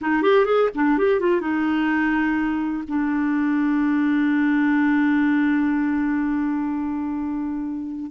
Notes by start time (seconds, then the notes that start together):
0.01 D#4
0.22 G4
0.45 G#4
0.74 D4
0.98 G4
1.19 F4
1.40 D#4
2.88 D4